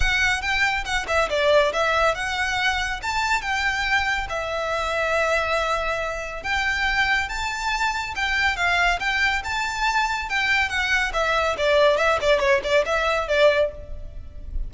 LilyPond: \new Staff \with { instrumentName = "violin" } { \time 4/4 \tempo 4 = 140 fis''4 g''4 fis''8 e''8 d''4 | e''4 fis''2 a''4 | g''2 e''2~ | e''2. g''4~ |
g''4 a''2 g''4 | f''4 g''4 a''2 | g''4 fis''4 e''4 d''4 | e''8 d''8 cis''8 d''8 e''4 d''4 | }